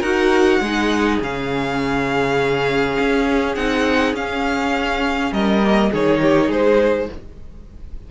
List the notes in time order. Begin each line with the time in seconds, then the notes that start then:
0.00 D#4 F#4 A#4 F#5
0.61 G#3 D#4 G#4
1.22 C#3 C#4 F5
3.00 C#4
3.55 C4 D#4 F#5
4.14 C#4 F5
5.32 G3 A#4 D#5
5.63 A#3
5.91 D#3 D#4 G#4 C#5
6.22 G4
6.48 G#3 G#4 C5